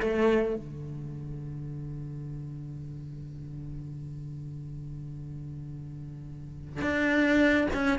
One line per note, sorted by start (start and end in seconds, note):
0.00 0.56 A3
0.56 6.82 D3
6.82 7.68 D4
7.74 7.99 C#4